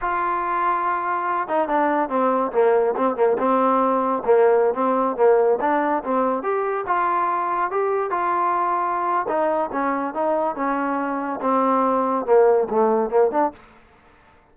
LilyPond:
\new Staff \with { instrumentName = "trombone" } { \time 4/4 \tempo 4 = 142 f'2.~ f'8 dis'8 | d'4 c'4 ais4 c'8 ais8 | c'2 ais4~ ais16 c'8.~ | c'16 ais4 d'4 c'4 g'8.~ |
g'16 f'2 g'4 f'8.~ | f'2 dis'4 cis'4 | dis'4 cis'2 c'4~ | c'4 ais4 a4 ais8 d'8 | }